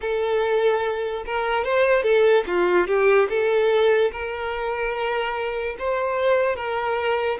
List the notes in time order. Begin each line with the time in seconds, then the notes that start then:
0.01 A4
1.26 A#4
1.64 C5
2.02 A4
2.46 F4
2.87 G4
3.29 A4
4.12 A#4
5.78 C5
6.56 A#4